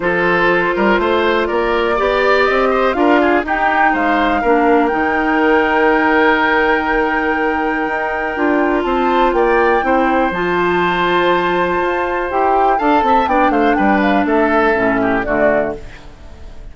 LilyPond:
<<
  \new Staff \with { instrumentName = "flute" } { \time 4/4 \tempo 4 = 122 c''2. d''4~ | d''4 dis''4 f''4 g''4 | f''2 g''2~ | g''1~ |
g''2 a''4 g''4~ | g''4 a''2.~ | a''4 g''4 a''4 g''8 f''8 | g''8 f''8 e''2 d''4 | }
  \new Staff \with { instrumentName = "oboe" } { \time 4/4 a'4. ais'8 c''4 ais'4 | d''4. c''8 ais'8 gis'8 g'4 | c''4 ais'2.~ | ais'1~ |
ais'2 c''4 d''4 | c''1~ | c''2 f''8 e''8 d''8 c''8 | b'4 a'4. g'8 fis'4 | }
  \new Staff \with { instrumentName = "clarinet" } { \time 4/4 f'1 | g'2 f'4 dis'4~ | dis'4 d'4 dis'2~ | dis'1~ |
dis'4 f'2. | e'4 f'2.~ | f'4 g'4 a'4 d'4~ | d'2 cis'4 a4 | }
  \new Staff \with { instrumentName = "bassoon" } { \time 4/4 f4. g8 a4 ais4 | b4 c'4 d'4 dis'4 | gis4 ais4 dis2~ | dis1 |
dis'4 d'4 c'4 ais4 | c'4 f2. | f'4 e'4 d'8 c'8 b8 a8 | g4 a4 a,4 d4 | }
>>